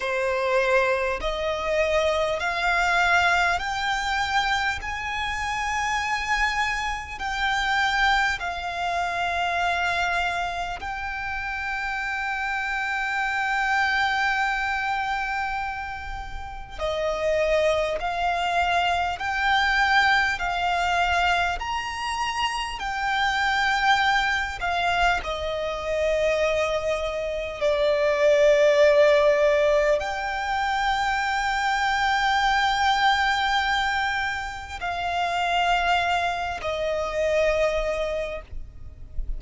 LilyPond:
\new Staff \with { instrumentName = "violin" } { \time 4/4 \tempo 4 = 50 c''4 dis''4 f''4 g''4 | gis''2 g''4 f''4~ | f''4 g''2.~ | g''2 dis''4 f''4 |
g''4 f''4 ais''4 g''4~ | g''8 f''8 dis''2 d''4~ | d''4 g''2.~ | g''4 f''4. dis''4. | }